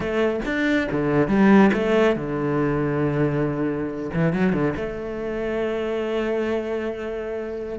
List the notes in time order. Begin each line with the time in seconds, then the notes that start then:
0.00 A3
0.45 D4
0.91 D3
1.27 G3
1.73 A3
2.16 D3
4.14 E3
4.32 F#3
4.52 D3
4.76 A3